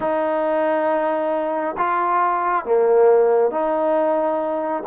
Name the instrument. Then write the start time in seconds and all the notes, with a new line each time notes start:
trombone
0.00 D#4
1.77 F4
2.65 A#3
3.51 D#4